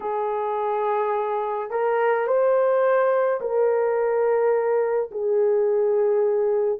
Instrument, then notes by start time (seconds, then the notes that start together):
horn
0.00 G#4
1.70 A#4
2.27 C5
3.40 A#4
5.10 G#4